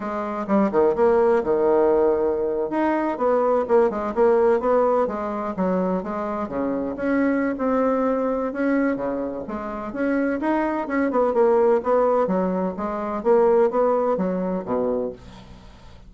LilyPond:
\new Staff \with { instrumentName = "bassoon" } { \time 4/4 \tempo 4 = 127 gis4 g8 dis8 ais4 dis4~ | dis4.~ dis16 dis'4 b4 ais16~ | ais16 gis8 ais4 b4 gis4 fis16~ | fis8. gis4 cis4 cis'4~ cis'16 |
c'2 cis'4 cis4 | gis4 cis'4 dis'4 cis'8 b8 | ais4 b4 fis4 gis4 | ais4 b4 fis4 b,4 | }